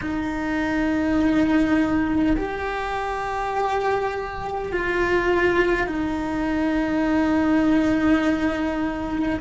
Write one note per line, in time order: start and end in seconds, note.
0.01 2.36 D#4
2.36 4.72 G4
4.72 5.87 F4
5.87 9.40 D#4